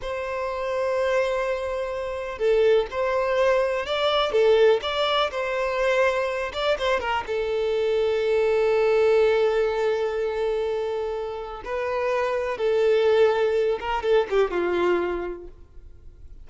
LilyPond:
\new Staff \with { instrumentName = "violin" } { \time 4/4 \tempo 4 = 124 c''1~ | c''4 a'4 c''2 | d''4 a'4 d''4 c''4~ | c''4. d''8 c''8 ais'8 a'4~ |
a'1~ | a'1 | b'2 a'2~ | a'8 ais'8 a'8 g'8 f'2 | }